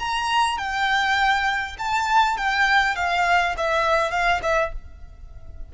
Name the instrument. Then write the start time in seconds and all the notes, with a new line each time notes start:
violin
0.00 A#5
0.59 G5
1.79 A5
2.38 G5
2.96 F5
3.58 E5
4.11 F5
4.43 E5